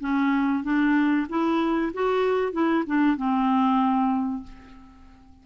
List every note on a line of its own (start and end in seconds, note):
0.00 0.63 C#4
0.63 1.27 D4
1.29 1.92 E4
1.93 2.52 F#4
2.52 2.84 E4
2.86 3.17 D4
3.17 4.43 C4